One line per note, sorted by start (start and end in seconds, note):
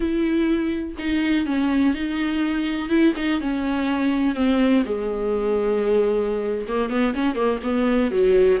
0.00 0.95 E4
0.98 1.46 D#4
1.46 1.94 C#4
1.94 2.89 D#4
2.89 3.13 E4
3.16 3.40 D#4
3.40 4.35 C#4
4.35 4.83 C4
4.85 6.66 G#3
6.68 6.89 A#3
6.89 7.13 B3
7.14 7.35 C#4
7.35 7.59 A#3
7.63 8.11 B3
8.11 8.59 F#3